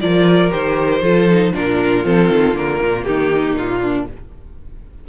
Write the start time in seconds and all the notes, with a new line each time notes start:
0.00 F3 F4 A#4 D5
0.49 D#3 G4 C5
1.01 F3 F4 A4
1.29 D#4
1.53 A#2 D4 F4 A#4
2.04 F3 C4 A4
2.29 D#3
2.54 D3 A#3 A#4
2.81 A#2
3.04 D#3 D#4 G4
3.54 A#2 F4
3.81 D4